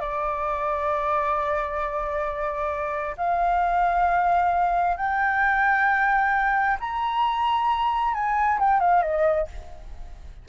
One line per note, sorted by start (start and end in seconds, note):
0.00 3.16 D5
3.18 4.97 F5
4.97 6.78 G5
6.80 8.14 A#5
8.14 8.59 G#5
8.60 8.80 G5
8.80 9.03 F5
9.03 9.48 D#5